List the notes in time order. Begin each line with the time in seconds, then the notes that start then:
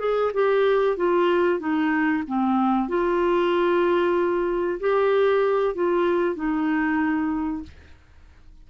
0.00 G#4
0.34 G4
0.97 F4
1.60 D#4
2.28 C4
2.89 F4
4.80 G4
5.75 F4
6.36 D#4